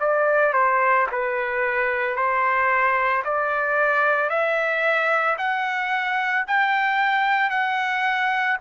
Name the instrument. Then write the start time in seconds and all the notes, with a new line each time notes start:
trumpet
0.00 D5
0.54 C5
1.12 B4
2.16 C5
3.24 D5
4.30 E5
5.38 F#5
6.48 G5
7.50 F#5